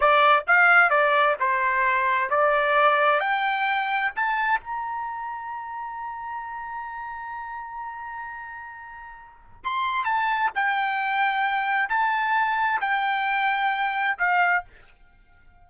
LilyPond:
\new Staff \with { instrumentName = "trumpet" } { \time 4/4 \tempo 4 = 131 d''4 f''4 d''4 c''4~ | c''4 d''2 g''4~ | g''4 a''4 ais''2~ | ais''1~ |
ais''1~ | ais''4 c'''4 a''4 g''4~ | g''2 a''2 | g''2. f''4 | }